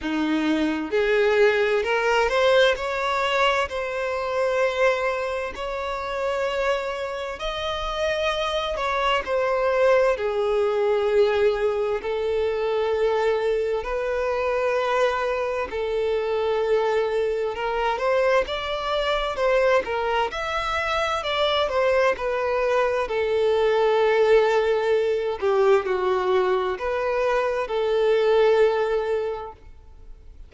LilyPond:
\new Staff \with { instrumentName = "violin" } { \time 4/4 \tempo 4 = 65 dis'4 gis'4 ais'8 c''8 cis''4 | c''2 cis''2 | dis''4. cis''8 c''4 gis'4~ | gis'4 a'2 b'4~ |
b'4 a'2 ais'8 c''8 | d''4 c''8 ais'8 e''4 d''8 c''8 | b'4 a'2~ a'8 g'8 | fis'4 b'4 a'2 | }